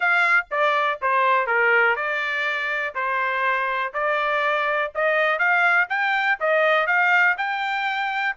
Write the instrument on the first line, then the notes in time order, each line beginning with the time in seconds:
trumpet
0.00 F5
0.51 D5
1.01 C5
1.46 A#4
1.95 D5
2.94 C5
3.93 D5
4.94 D#5
5.38 F5
5.89 G5
6.40 D#5
6.87 F5
7.37 G5